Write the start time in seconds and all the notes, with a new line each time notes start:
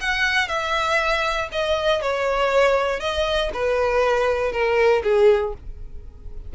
0.00 F#5
0.48 E5
1.51 D#5
2.01 C#5
3.00 D#5
3.53 B4
4.52 A#4
5.03 G#4